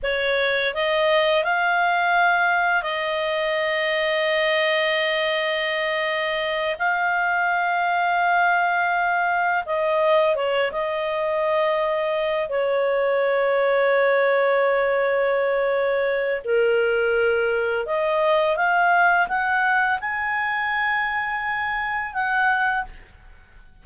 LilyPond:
\new Staff \with { instrumentName = "clarinet" } { \time 4/4 \tempo 4 = 84 cis''4 dis''4 f''2 | dis''1~ | dis''4. f''2~ f''8~ | f''4. dis''4 cis''8 dis''4~ |
dis''4. cis''2~ cis''8~ | cis''2. ais'4~ | ais'4 dis''4 f''4 fis''4 | gis''2. fis''4 | }